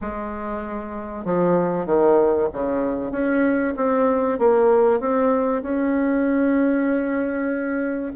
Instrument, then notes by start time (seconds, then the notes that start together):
bassoon
0.01 G#3
1.24 F3
1.86 D#3
2.52 C#3
3.11 C#4
3.76 C4
4.39 A#3
5.00 C4
5.62 C#4